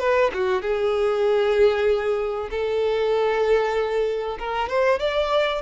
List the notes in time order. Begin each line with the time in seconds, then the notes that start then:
0.00 B4
0.34 F#4
0.62 G#4
2.51 A4
4.39 A#4
4.69 C5
5.00 D5